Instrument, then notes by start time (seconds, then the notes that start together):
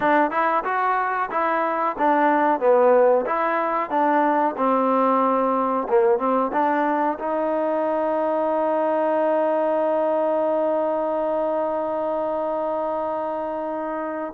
trombone
0.00 D4
0.31 E4
0.64 F#4
1.30 E4
1.98 D4
2.59 B3
3.25 E4
3.90 D4
4.57 C4
5.88 A#3
6.18 C4
6.52 D4
7.18 D#4